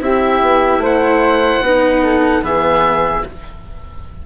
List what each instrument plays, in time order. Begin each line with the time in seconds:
0.00 bassoon C4, cello E4, flute G4, oboe E5
0.41 bassoon B3
0.78 bassoon A3, flute C5
0.85 oboe F#5
1.62 bassoon B3, cello D#4, flute B4
2.04 flute A4
2.42 bassoon E3, cello B3, flute G#4, oboe E5